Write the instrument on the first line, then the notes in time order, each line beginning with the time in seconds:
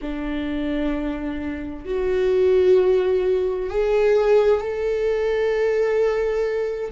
viola
0.01 D4
1.85 F#4
3.69 G#4
4.61 A4